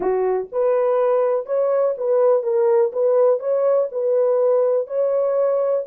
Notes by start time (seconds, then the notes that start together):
0.00 F#4
0.52 B4
1.46 C#5
1.97 B4
2.43 A#4
2.92 B4
3.39 C#5
3.91 B4
4.87 C#5